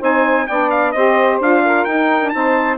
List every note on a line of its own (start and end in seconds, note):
0.00 0.48 C4
0.00 0.47 D#4
0.00 0.46 C5
0.00 0.47 G#5
0.47 0.95 B3
0.47 0.96 D4
0.47 0.94 D5
0.47 0.70 G5
0.71 0.92 F5
0.92 1.40 C4
0.92 1.42 G4
0.92 1.63 C5
0.92 1.38 D#5
1.40 1.86 D4
1.40 1.88 F4
1.40 1.85 F5
1.65 2.34 A#4
1.85 2.32 D#4
1.85 2.23 D#4
1.85 2.30 G5
2.23 2.33 D4
2.30 2.78 C4
2.30 2.78 D#4
2.30 2.78 C5
2.30 2.76 A5